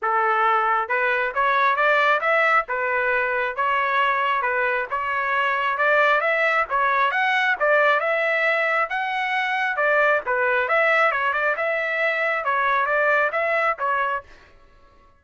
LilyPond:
\new Staff \with { instrumentName = "trumpet" } { \time 4/4 \tempo 4 = 135 a'2 b'4 cis''4 | d''4 e''4 b'2 | cis''2 b'4 cis''4~ | cis''4 d''4 e''4 cis''4 |
fis''4 d''4 e''2 | fis''2 d''4 b'4 | e''4 cis''8 d''8 e''2 | cis''4 d''4 e''4 cis''4 | }